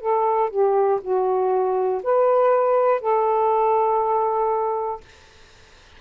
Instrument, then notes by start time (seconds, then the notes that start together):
saxophone
0.00 A4
0.50 G4
1.01 F#4
2.03 B4
3.00 A4